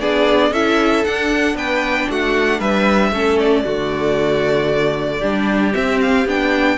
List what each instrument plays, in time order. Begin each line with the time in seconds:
0.00 cello B3, viola D4, violin G#4 D5
0.51 cello C#4, viola E4, violin A4 E5
1.04 viola D4, cello D4, violin F#5
1.54 cello B3, violin B4 G5
2.09 cello A3, violin F#4 F#5
2.59 cello G3, violin B4 E5
3.11 cello A3, viola C#4, violin A4
3.39 violin D5
3.64 cello D3, viola A3, violin F#4
5.19 cello G3, viola D4, violin G4
5.72 viola C4, cello C4, violin E5
6.01 violin F5
6.26 cello B3, viola D4, violin G5